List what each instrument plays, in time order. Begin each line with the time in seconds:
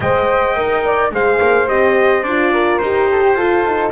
0.00 double bass G#3, horn C5, flute D#5, trumpet G5
0.56 double bass D#4, horn A#4
0.84 flute D5
1.11 double bass G#3, horn G#4, flute C5, trumpet F5
1.41 double bass A#3
1.67 double bass C4, horn G4, trumpet D#5
2.22 double bass D4, horn F4, trumpet D5
2.52 flute A#4
2.78 double bass D#4, horn G4, trumpet C5
3.11 flute A4
3.22 flute G4
3.34 double bass F4, horn F4, flute A4
3.66 horn D#4